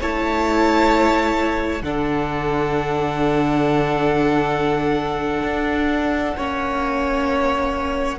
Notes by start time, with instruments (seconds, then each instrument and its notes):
0.00 cello A3, viola E4, violin C#5 A5
1.82 cello D3, viola D4, violin A4 F#5
5.43 cello D4
6.36 cello A#3, viola C#4, violin C#5